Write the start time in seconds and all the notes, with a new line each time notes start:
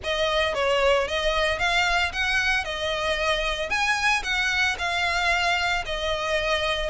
0.03 D#5
0.54 C#5
1.07 D#5
1.59 F5
2.12 F#5
2.64 D#5
3.69 G#5
4.23 F#5
4.78 F5
5.85 D#5